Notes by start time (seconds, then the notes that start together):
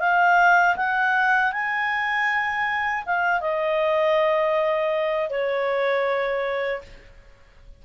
0.00 F5
0.76 F#5
1.52 G#5
3.06 F5
3.41 D#5
5.30 C#5